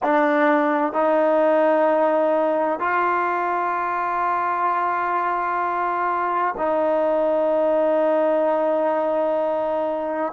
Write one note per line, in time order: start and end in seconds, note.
0.03 0.92 D4
0.92 2.79 D#4
2.79 6.54 F4
6.57 10.32 D#4